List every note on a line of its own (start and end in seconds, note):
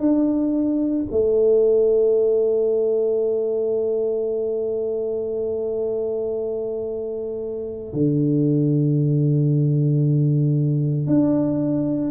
0.00 1.05 D4
1.11 7.93 A3
7.93 11.07 D3
11.07 12.11 D4